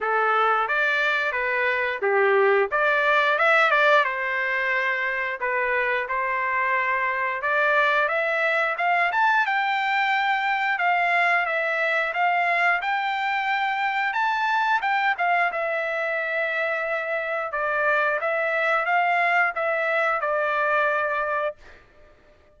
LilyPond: \new Staff \with { instrumentName = "trumpet" } { \time 4/4 \tempo 4 = 89 a'4 d''4 b'4 g'4 | d''4 e''8 d''8 c''2 | b'4 c''2 d''4 | e''4 f''8 a''8 g''2 |
f''4 e''4 f''4 g''4~ | g''4 a''4 g''8 f''8 e''4~ | e''2 d''4 e''4 | f''4 e''4 d''2 | }